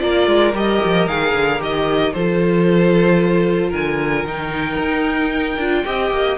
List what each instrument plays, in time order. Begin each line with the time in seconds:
0.00 cello A#3, viola F4, violin A#4 D5
0.28 cello G#3
0.54 cello G3, viola G4, violin D#5
0.85 cello F3
1.07 cello D#3, viola G#4, violin F5
1.34 cello D3
1.59 cello D#3, viola G4, violin D#5
2.13 cello F3, viola F4, violin A4 C5
3.70 cello D3, violin A#4 G#5
4.25 cello D#3, viola D#4, violin G5
4.79 cello D#4
5.58 cello D4, viola F4
5.86 cello C4, viola G4, violin D#5
6.11 cello A#3